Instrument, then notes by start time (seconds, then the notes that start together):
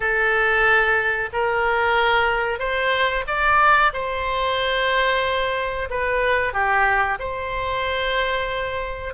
oboe
0.00 A4
1.32 A#4
2.59 C5
3.27 D5
3.93 C5
5.89 B4
6.53 G4
7.19 C5